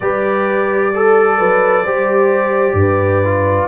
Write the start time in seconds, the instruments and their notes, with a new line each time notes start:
0.00 tuba G3, trombone G4, horn B4, trumpet D5
0.94 horn A4, trombone A4
1.38 tuba F#3, horn B4
1.83 tuba G3, trombone G4, horn C5
2.73 tuba G2
2.79 horn B4
3.24 trombone F4